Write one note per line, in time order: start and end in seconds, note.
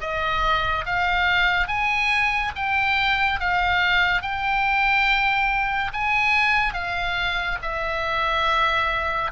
0.00 0.85 D#5
0.85 1.67 F5
1.67 2.52 G#5
2.55 3.40 G5
3.40 4.22 F5
4.22 5.91 G5
5.93 6.73 G#5
6.73 7.57 F5
7.62 9.31 E5